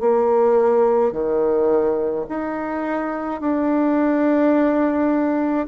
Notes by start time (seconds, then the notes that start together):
0.00 A#3
1.12 D#3
2.29 D#4
3.40 D4